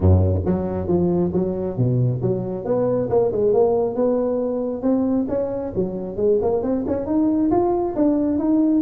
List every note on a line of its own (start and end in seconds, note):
0.00 0.41 F#2
0.45 0.87 F#3
0.87 1.31 F3
1.33 1.77 F#3
1.77 2.21 B2
2.21 2.64 F#3
2.64 3.08 B3
3.09 3.31 A#3
3.31 3.53 G#3
3.53 3.95 A#3
3.95 4.81 B3
4.81 5.26 C4
5.28 5.72 C#4
5.75 6.16 F#3
6.16 6.38 G#3
6.41 6.63 A#3
6.63 6.85 C4
6.87 7.06 C#4
7.06 7.50 D#4
7.50 7.95 F4
7.95 8.38 D4
8.38 8.81 D#4